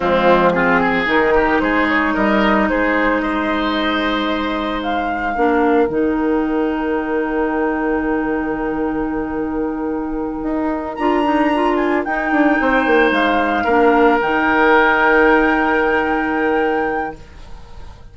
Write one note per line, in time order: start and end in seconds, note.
0.00 1.06 F3
0.00 0.53 G#3
0.00 0.52 C4
0.00 0.52 F4
0.52 1.05 C4
0.52 0.80 F4
0.52 1.05 G#4
0.80 1.33 G#4
1.05 1.60 D#3
1.05 5.34 D#4
1.05 1.59 A#4
1.35 1.61 G4
1.59 2.14 G#3
1.59 2.14 G#4
1.59 1.86 C5
1.88 2.15 C#5
2.14 2.69 G3
2.14 2.67 A#4
2.14 2.68 D#5
2.68 5.36 G#3
2.68 3.22 G#4
2.68 3.20 C5
3.20 5.34 C5
3.20 4.81 D#5
4.82 5.87 F5
5.34 5.88 A#3
5.34 5.89 D4
5.34 12.57 A#4
5.87 10.42 D#3
5.87 10.97 D#4
5.87 10.95 G5
10.42 10.96 D#4
10.95 12.05 D4
10.95 11.24 F4
10.95 11.75 A#5
11.24 11.51 D#4
11.54 12.06 F4
11.76 12.03 G#5
12.04 12.31 D#4
12.04 13.67 D#4
12.04 13.11 G5
12.31 12.58 D4
12.60 12.86 C4
12.60 13.64 C5
12.86 13.10 A#3
13.10 13.64 G#3
13.10 14.19 F5
13.64 14.19 A#3
13.64 14.20 D4
13.64 17.12 A#4
14.21 17.16 D#3
14.21 17.16 D#4
14.21 17.16 G5